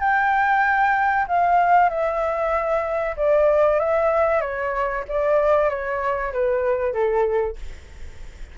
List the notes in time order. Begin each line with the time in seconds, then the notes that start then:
0.00 G5
1.28 F5
1.89 E5
3.17 D5
3.80 E5
4.41 C#5
5.09 D5
5.70 C#5
6.33 B4
6.93 A4